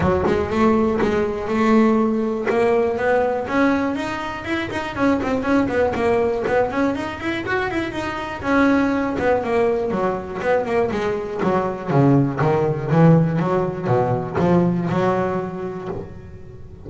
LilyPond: \new Staff \with { instrumentName = "double bass" } { \time 4/4 \tempo 4 = 121 fis8 gis8 a4 gis4 a4~ | a4 ais4 b4 cis'4 | dis'4 e'8 dis'8 cis'8 c'8 cis'8 b8 | ais4 b8 cis'8 dis'8 e'8 fis'8 e'8 |
dis'4 cis'4. b8 ais4 | fis4 b8 ais8 gis4 fis4 | cis4 dis4 e4 fis4 | b,4 f4 fis2 | }